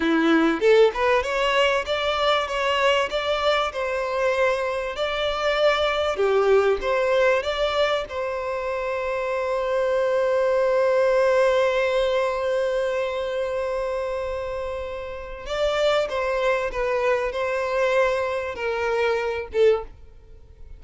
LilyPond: \new Staff \with { instrumentName = "violin" } { \time 4/4 \tempo 4 = 97 e'4 a'8 b'8 cis''4 d''4 | cis''4 d''4 c''2 | d''2 g'4 c''4 | d''4 c''2.~ |
c''1~ | c''1~ | c''4 d''4 c''4 b'4 | c''2 ais'4. a'8 | }